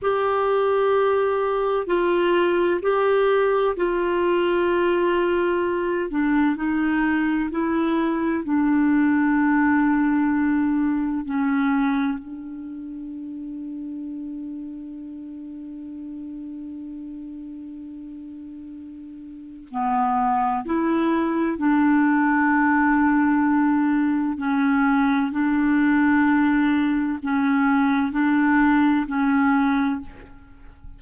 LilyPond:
\new Staff \with { instrumentName = "clarinet" } { \time 4/4 \tempo 4 = 64 g'2 f'4 g'4 | f'2~ f'8 d'8 dis'4 | e'4 d'2. | cis'4 d'2.~ |
d'1~ | d'4 b4 e'4 d'4~ | d'2 cis'4 d'4~ | d'4 cis'4 d'4 cis'4 | }